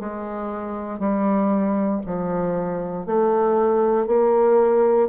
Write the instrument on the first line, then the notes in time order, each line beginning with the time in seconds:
bassoon
0.00 G#3
0.99 G3
2.06 F3
3.06 A3
4.07 A#3